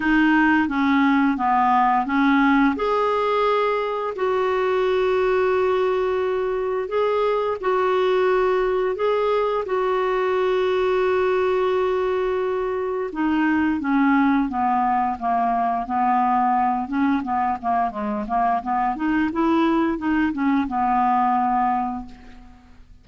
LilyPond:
\new Staff \with { instrumentName = "clarinet" } { \time 4/4 \tempo 4 = 87 dis'4 cis'4 b4 cis'4 | gis'2 fis'2~ | fis'2 gis'4 fis'4~ | fis'4 gis'4 fis'2~ |
fis'2. dis'4 | cis'4 b4 ais4 b4~ | b8 cis'8 b8 ais8 gis8 ais8 b8 dis'8 | e'4 dis'8 cis'8 b2 | }